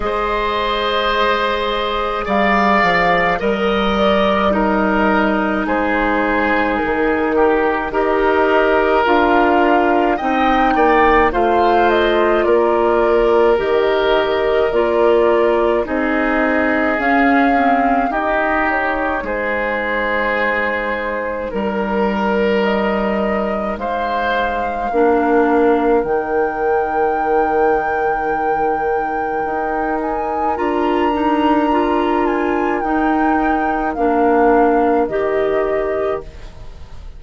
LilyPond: <<
  \new Staff \with { instrumentName = "flute" } { \time 4/4 \tempo 4 = 53 dis''2 f''4 ais'8 d''8 | dis''4 c''4 ais'4 dis''4 | f''4 g''4 f''8 dis''8 d''4 | dis''4 d''4 dis''4 f''4 |
dis''8 cis''8 c''2 ais'4 | dis''4 f''2 g''4~ | g''2~ g''8 gis''8 ais''4~ | ais''8 gis''8 g''4 f''4 dis''4 | }
  \new Staff \with { instrumentName = "oboe" } { \time 4/4 c''2 d''4 dis''4 | ais'4 gis'4. g'8 ais'4~ | ais'4 dis''8 d''8 c''4 ais'4~ | ais'2 gis'2 |
g'4 gis'2 ais'4~ | ais'4 c''4 ais'2~ | ais'1~ | ais'1 | }
  \new Staff \with { instrumentName = "clarinet" } { \time 4/4 gis'2. ais'4 | dis'2. g'4 | f'4 dis'4 f'2 | g'4 f'4 dis'4 cis'8 c'8 |
dis'1~ | dis'2 d'4 dis'4~ | dis'2. f'8 dis'8 | f'4 dis'4 d'4 g'4 | }
  \new Staff \with { instrumentName = "bassoon" } { \time 4/4 gis2 g8 f8 g4~ | g4 gis4 dis4 dis'4 | d'4 c'8 ais8 a4 ais4 | dis4 ais4 c'4 cis'4 |
dis'4 gis2 g4~ | g4 gis4 ais4 dis4~ | dis2 dis'4 d'4~ | d'4 dis'4 ais4 dis4 | }
>>